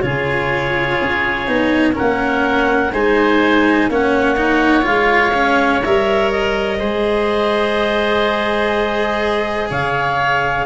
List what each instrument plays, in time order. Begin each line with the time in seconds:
0.00 tuba C#3, cello F4, oboe G#4, clarinet C#5
1.01 tuba C#4
1.47 tuba B3, cello D#4
1.93 cello C#4, oboe A#4, clarinet F#5
2.01 tuba A#3
2.92 tuba G#3, cello D#4, oboe C5, clarinet G#5
3.90 tuba A#3, cello C#4, oboe C#5, clarinet F#5
4.36 cello D#4
4.82 tuba G#3, cello F4, clarinet F5
5.34 cello C#4
5.84 tuba G3, cello A#4, clarinet E5
6.32 clarinet D#5
6.79 tuba G#3, cello G#4, oboe C5
9.70 tuba C#3, oboe C#5, clarinet F5